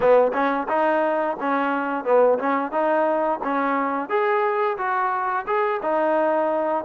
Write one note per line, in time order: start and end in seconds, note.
0.00 0.32 B3
0.33 0.67 C#4
0.68 1.36 D#4
1.40 2.04 C#4
2.04 2.38 B3
2.38 2.71 C#4
2.71 3.39 D#4
3.43 4.09 C#4
4.09 4.77 G#4
4.77 5.45 F#4
5.46 5.80 G#4
5.82 6.84 D#4